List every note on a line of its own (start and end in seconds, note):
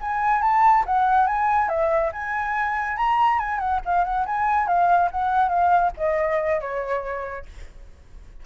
0.00 0.41 G#5
0.41 0.84 A5
0.86 1.27 F#5
1.27 1.68 G#5
1.68 2.11 E5
2.12 2.97 G#5
2.97 3.38 A#5
3.38 3.58 G#5
3.58 3.80 F#5
3.85 4.04 F5
4.04 4.25 F#5
4.26 4.67 G#5
4.67 5.09 F5
5.11 5.48 F#5
5.48 5.91 F5
5.97 6.60 D#5
6.60 7.45 C#5